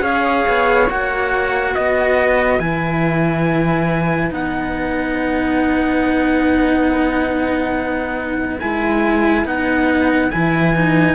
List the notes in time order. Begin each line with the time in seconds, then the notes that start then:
0.00 C#4 G#4 C#5 F5
0.48 B3
0.89 A#3 F#4 F#5
1.72 B3 B4 D#5
2.59 E3 E4 G#5
4.30 B3 D#4 F#5
8.60 G#3 E4 G#5
9.45 B3 D#4 F#5
10.31 E3 E4 G#5
10.75 D#4